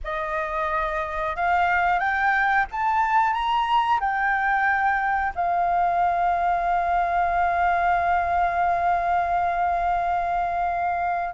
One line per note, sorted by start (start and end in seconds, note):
0.04 1.35 D#5
1.35 1.99 F5
1.99 2.65 G5
2.71 3.33 A5
3.33 3.99 A#5
3.99 5.33 G5
5.35 11.34 F5